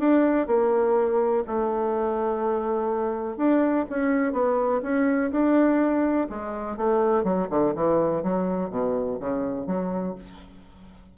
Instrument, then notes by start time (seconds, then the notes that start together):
bassoon
0.00 D4
0.48 A#3
1.48 A3
3.37 D4
3.90 C#4
4.33 B3
4.83 C#4
5.32 D4
6.30 G#3
6.77 A3
7.24 F#3
7.50 D3
7.75 E3
8.23 F#3
8.70 B2
9.20 C#3
9.67 F#3